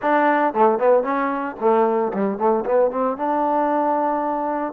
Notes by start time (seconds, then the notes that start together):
0.02 D4
0.53 A3
0.78 B3
1.03 C#4
1.59 A3
2.13 G3
2.38 A3
2.65 B3
2.91 C4
3.17 D4